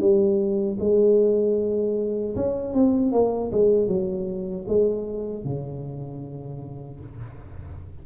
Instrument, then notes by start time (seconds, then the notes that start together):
tuba
0.00 G3
0.80 G#3
2.36 C#4
2.73 C4
3.12 A#3
3.51 G#3
3.88 F#3
4.68 G#3
5.44 C#3